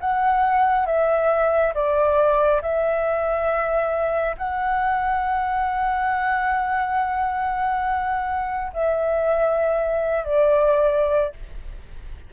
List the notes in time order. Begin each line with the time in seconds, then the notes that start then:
0.00 F#5
0.86 E5
1.74 D5
2.62 E5
4.38 F#5
8.73 E5
10.24 D5